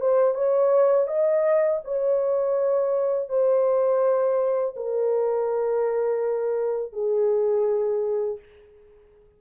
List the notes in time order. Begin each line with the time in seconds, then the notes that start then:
0.00 C5
0.34 C#5
1.07 D#5
1.84 C#5
3.28 C5
4.76 A#4
6.92 G#4